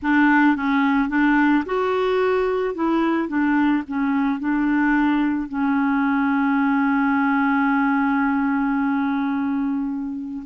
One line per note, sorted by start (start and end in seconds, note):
0.02 0.56 D4
0.56 1.09 C#4
1.09 1.64 D4
1.65 2.74 F#4
2.74 3.28 E4
3.28 3.83 D4
3.87 4.39 C#4
4.39 5.48 D4
5.48 10.43 C#4